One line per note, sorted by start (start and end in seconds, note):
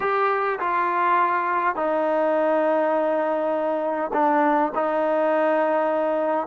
0.00 0.59 G4
0.59 1.75 F4
1.75 4.11 D#4
4.13 4.72 D4
4.75 6.47 D#4